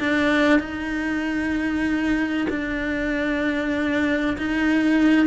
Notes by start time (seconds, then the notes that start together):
0.00 D4
0.59 D#4
2.49 D4
4.38 D#4